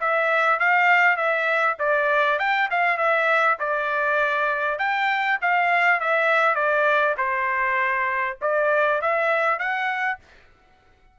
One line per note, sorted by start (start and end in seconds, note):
0.00 0.59 E5
0.59 1.16 F5
1.16 1.76 E5
1.79 2.39 D5
2.39 2.69 G5
2.70 2.97 F5
2.97 3.57 E5
3.59 4.78 D5
4.78 5.38 G5
5.41 6.00 F5
6.00 6.55 E5
6.55 7.15 D5
7.17 8.37 C5
8.41 9.01 D5
9.01 9.59 E5
9.59 10.19 F#5